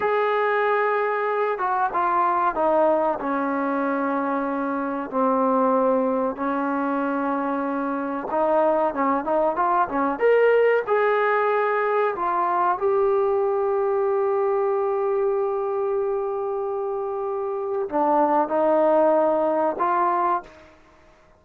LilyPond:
\new Staff \with { instrumentName = "trombone" } { \time 4/4 \tempo 4 = 94 gis'2~ gis'8 fis'8 f'4 | dis'4 cis'2. | c'2 cis'2~ | cis'4 dis'4 cis'8 dis'8 f'8 cis'8 |
ais'4 gis'2 f'4 | g'1~ | g'1 | d'4 dis'2 f'4 | }